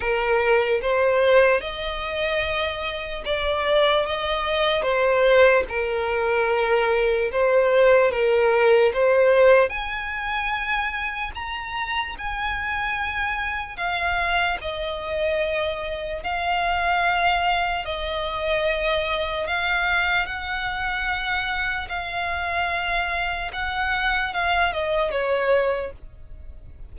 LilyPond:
\new Staff \with { instrumentName = "violin" } { \time 4/4 \tempo 4 = 74 ais'4 c''4 dis''2 | d''4 dis''4 c''4 ais'4~ | ais'4 c''4 ais'4 c''4 | gis''2 ais''4 gis''4~ |
gis''4 f''4 dis''2 | f''2 dis''2 | f''4 fis''2 f''4~ | f''4 fis''4 f''8 dis''8 cis''4 | }